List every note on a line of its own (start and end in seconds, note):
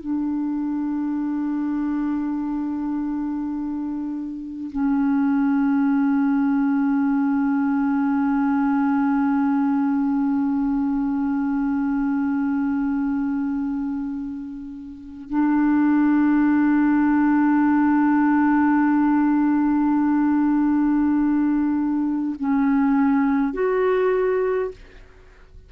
0.00 4.71 D4
4.72 15.29 C#4
15.29 22.35 D4
22.40 23.53 C#4
23.53 24.71 F#4